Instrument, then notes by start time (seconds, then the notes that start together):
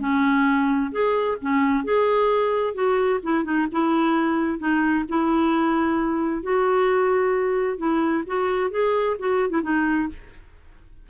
clarinet
0.00 C#4
0.92 G#4
1.41 C#4
1.84 G#4
2.74 F#4
3.23 E4
3.44 D#4
3.72 E4
4.59 D#4
5.09 E4
6.42 F#4
7.78 E4
8.27 F#4
8.71 G#4
9.19 F#4
9.50 E4
9.63 D#4